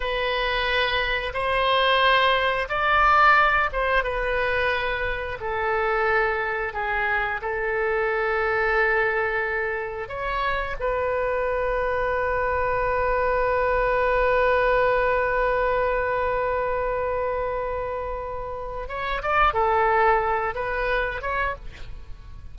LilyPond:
\new Staff \with { instrumentName = "oboe" } { \time 4/4 \tempo 4 = 89 b'2 c''2 | d''4. c''8 b'2 | a'2 gis'4 a'4~ | a'2. cis''4 |
b'1~ | b'1~ | b'1 | cis''8 d''8 a'4. b'4 cis''8 | }